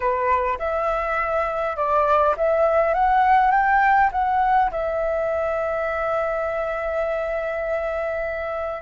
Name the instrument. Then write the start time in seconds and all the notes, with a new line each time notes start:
flute
0.00 B4
0.58 E5
1.76 D5
2.37 E5
2.94 F#5
3.51 G5
4.11 F#5
4.71 E5